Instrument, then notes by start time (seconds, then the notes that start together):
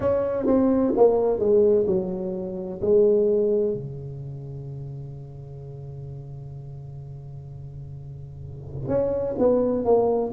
tuba
0.00 C#4
0.46 C4
0.96 A#3
1.39 G#3
1.86 F#3
2.81 G#3
3.73 C#3
8.88 C#4
9.38 B3
9.84 A#3